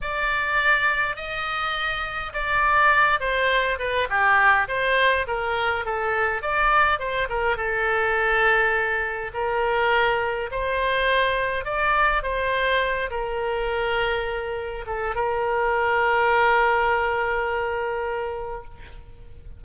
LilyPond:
\new Staff \with { instrumentName = "oboe" } { \time 4/4 \tempo 4 = 103 d''2 dis''2 | d''4. c''4 b'8 g'4 | c''4 ais'4 a'4 d''4 | c''8 ais'8 a'2. |
ais'2 c''2 | d''4 c''4. ais'4.~ | ais'4. a'8 ais'2~ | ais'1 | }